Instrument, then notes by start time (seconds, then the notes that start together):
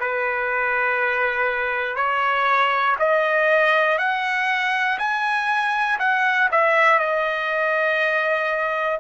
trumpet
0.00 B4
1.96 C#5
3.00 D#5
3.99 F#5
4.99 G#5
5.99 F#5
6.52 E5
6.99 D#5